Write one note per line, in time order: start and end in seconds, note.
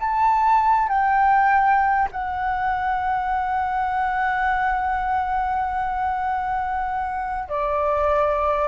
0.00 0.89 A5
0.89 2.09 G5
2.12 7.49 F#5
7.49 8.68 D5